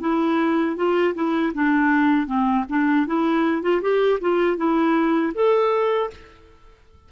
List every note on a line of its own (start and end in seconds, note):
0.00 0.76 E4
0.76 1.14 F4
1.15 1.53 E4
1.54 2.26 D4
2.26 2.64 C4
2.69 3.07 D4
3.07 3.62 E4
3.62 3.81 F4
3.81 4.19 G4
4.20 4.57 F4
4.57 5.33 E4
5.34 6.10 A4